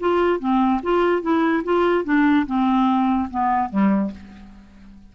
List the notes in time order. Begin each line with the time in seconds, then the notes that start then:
0.00 F4
0.39 C4
0.83 F4
1.22 E4
1.64 F4
2.04 D4
2.46 C4
3.30 B3
3.70 G3